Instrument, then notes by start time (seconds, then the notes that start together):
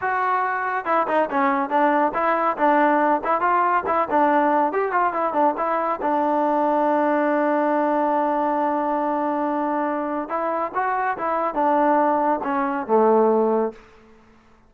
trombone
0.01 F#4
0.85 E4
1.07 D#4
1.30 C#4
1.69 D4
2.14 E4
2.57 D4
3.24 E4
3.41 F4
3.86 E4
4.10 D4
4.72 G4
4.92 F4
5.13 E4
5.33 D4
5.57 E4
6.01 D4
10.28 E4
10.74 F#4
11.17 E4
11.54 D4
12.43 C#4
12.86 A3